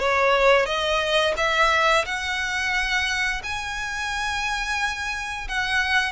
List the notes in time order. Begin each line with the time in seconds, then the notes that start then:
0.00 C#5
0.66 D#5
1.37 E5
2.06 F#5
3.44 G#5
5.49 F#5